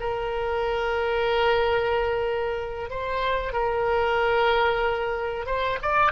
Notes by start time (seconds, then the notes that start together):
0.00 A#4
2.90 C5
3.53 A#4
5.46 C5
5.82 D5